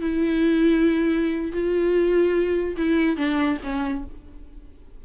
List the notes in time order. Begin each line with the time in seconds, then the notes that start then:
0.00 E4
1.52 F4
2.76 E4
3.16 D4
3.63 C#4